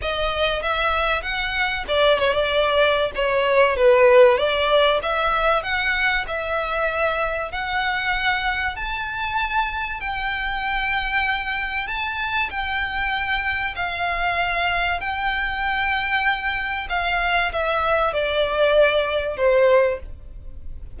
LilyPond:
\new Staff \with { instrumentName = "violin" } { \time 4/4 \tempo 4 = 96 dis''4 e''4 fis''4 d''8 cis''16 d''16~ | d''4 cis''4 b'4 d''4 | e''4 fis''4 e''2 | fis''2 a''2 |
g''2. a''4 | g''2 f''2 | g''2. f''4 | e''4 d''2 c''4 | }